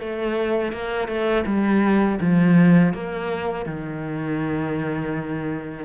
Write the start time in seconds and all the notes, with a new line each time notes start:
0.00 A3
0.73 A#3
1.08 A3
1.46 G3
2.20 F3
2.93 A#3
3.66 D#3